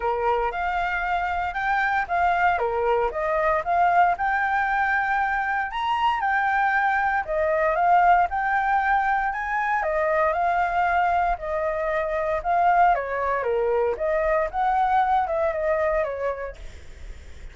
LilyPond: \new Staff \with { instrumentName = "flute" } { \time 4/4 \tempo 4 = 116 ais'4 f''2 g''4 | f''4 ais'4 dis''4 f''4 | g''2. ais''4 | g''2 dis''4 f''4 |
g''2 gis''4 dis''4 | f''2 dis''2 | f''4 cis''4 ais'4 dis''4 | fis''4. e''8 dis''4 cis''4 | }